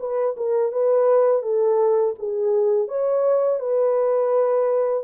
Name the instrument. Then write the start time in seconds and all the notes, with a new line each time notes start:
horn
0.00 B4
0.37 A#4
0.72 B4
1.43 A4
2.19 G#4
2.88 C#5
3.60 B4